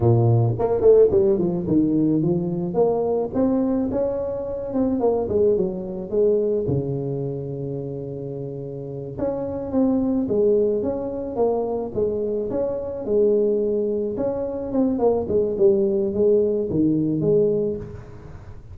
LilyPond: \new Staff \with { instrumentName = "tuba" } { \time 4/4 \tempo 4 = 108 ais,4 ais8 a8 g8 f8 dis4 | f4 ais4 c'4 cis'4~ | cis'8 c'8 ais8 gis8 fis4 gis4 | cis1~ |
cis8 cis'4 c'4 gis4 cis'8~ | cis'8 ais4 gis4 cis'4 gis8~ | gis4. cis'4 c'8 ais8 gis8 | g4 gis4 dis4 gis4 | }